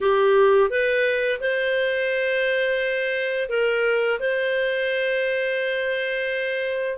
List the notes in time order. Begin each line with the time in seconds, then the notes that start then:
0.00 G4
0.70 B4
1.40 C5
3.49 A#4
4.19 C5